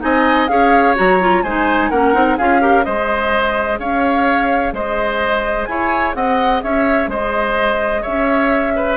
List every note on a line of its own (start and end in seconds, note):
0.00 0.49 C4
0.00 0.47 D#4
0.00 0.51 D#5
0.00 0.47 G#5
0.47 0.96 C#4
0.47 0.95 G#4
0.47 1.43 C#5
0.47 0.95 F5
0.95 1.43 F#3
0.95 1.19 F#4
0.95 1.42 A#5
1.20 1.44 F4
1.42 1.90 G#3
1.42 1.92 D#4
1.42 1.90 C5
1.42 1.90 G#5
1.90 2.14 A#3
1.90 2.13 C#4
1.90 2.37 A#4
1.90 2.37 F#5
2.13 2.37 C4
2.13 2.37 D#4
2.37 2.86 C#4
2.37 2.60 F4
2.37 2.61 G#4
2.37 2.84 F5
2.60 2.83 G4
2.60 2.85 A#4
2.83 3.79 G#3
2.83 8.97 G#4
2.83 3.79 C5
2.83 3.78 D#5
3.79 4.72 C#4
3.79 4.74 C#5
3.79 4.74 F5
4.72 5.67 G#3
4.72 5.68 C5
4.72 5.65 D#5
5.65 6.15 E4
5.65 6.16 C#5
5.65 6.12 G#5
6.14 6.62 C4
6.14 6.63 D#5
6.14 6.62 F#5
6.62 7.07 C#4
6.62 7.10 C#5
6.62 7.10 E5
7.07 8.02 G#3
7.07 8.02 C5
7.07 8.03 D#5
8.02 8.97 C#4
8.02 8.73 C#5
8.02 8.97 E5
8.75 8.97 B4